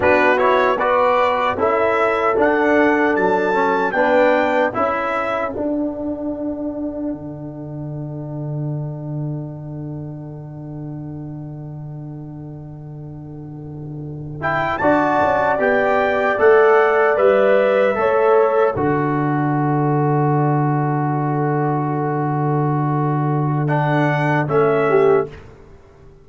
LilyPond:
<<
  \new Staff \with { instrumentName = "trumpet" } { \time 4/4 \tempo 4 = 76 b'8 cis''8 d''4 e''4 fis''4 | a''4 g''4 e''4 fis''4~ | fis''1~ | fis''1~ |
fis''2~ fis''16 g''8 a''4 g''16~ | g''8. fis''4 e''2 d''16~ | d''1~ | d''2 fis''4 e''4 | }
  \new Staff \with { instrumentName = "horn" } { \time 4/4 fis'4 b'4 a'2~ | a'4 b'4 a'2~ | a'1~ | a'1~ |
a'2~ a'8. d''4~ d''16~ | d''2~ d''8. cis''4 a'16~ | a'1~ | a'2.~ a'8 g'8 | }
  \new Staff \with { instrumentName = "trombone" } { \time 4/4 d'8 e'8 fis'4 e'4 d'4~ | d'8 cis'8 d'4 e'4 d'4~ | d'1~ | d'1~ |
d'2~ d'16 e'8 fis'4 g'16~ | g'8. a'4 b'4 a'4 fis'16~ | fis'1~ | fis'2 d'4 cis'4 | }
  \new Staff \with { instrumentName = "tuba" } { \time 4/4 b2 cis'4 d'4 | fis4 b4 cis'4 d'4~ | d'4 d2.~ | d1~ |
d2~ d8. d'8 cis'8 b16~ | b8. a4 g4 a4 d16~ | d1~ | d2. a4 | }
>>